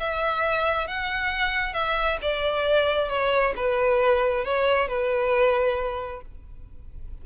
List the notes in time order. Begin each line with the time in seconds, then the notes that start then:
0.00 E5
0.88 F#5
1.74 E5
2.22 D5
3.09 C#5
3.56 B4
4.45 C#5
4.88 B4